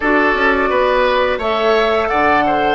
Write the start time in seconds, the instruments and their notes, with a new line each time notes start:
0.00 bassoon D4, clarinet F#4, oboe A4, flute D5
0.34 bassoon C#4
0.69 bassoon B3, oboe B4
1.38 bassoon A3, clarinet A4, oboe C#5, flute E5
2.08 bassoon D3, oboe D5, flute F#5
2.46 oboe C5